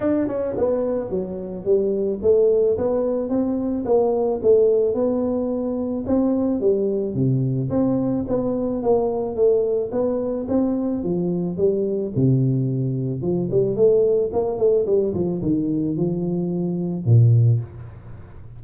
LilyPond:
\new Staff \with { instrumentName = "tuba" } { \time 4/4 \tempo 4 = 109 d'8 cis'8 b4 fis4 g4 | a4 b4 c'4 ais4 | a4 b2 c'4 | g4 c4 c'4 b4 |
ais4 a4 b4 c'4 | f4 g4 c2 | f8 g8 a4 ais8 a8 g8 f8 | dis4 f2 ais,4 | }